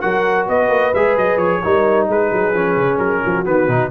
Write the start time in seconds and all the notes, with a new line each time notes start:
0.00 F#3 F#4 A#4 F#5
0.47 B3 B4 D#5
0.69 A#3
0.93 G#3 G#4 E5
1.16 F#3 D#5
1.36 F3 C#5
1.62 G3 D#4 A#4
2.08 G#3 G#4 B4
2.32 F#3
2.53 F3 C#4
2.76 C#3
2.98 F#3 A#4
3.22 F3 F#4
3.45 D#3 B3 B4
3.67 B2 D#4